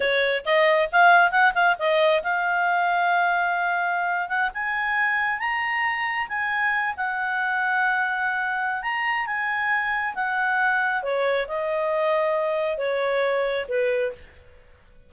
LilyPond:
\new Staff \with { instrumentName = "clarinet" } { \time 4/4 \tempo 4 = 136 cis''4 dis''4 f''4 fis''8 f''8 | dis''4 f''2.~ | f''4.~ f''16 fis''8 gis''4.~ gis''16~ | gis''16 ais''2 gis''4. fis''16~ |
fis''1 | ais''4 gis''2 fis''4~ | fis''4 cis''4 dis''2~ | dis''4 cis''2 b'4 | }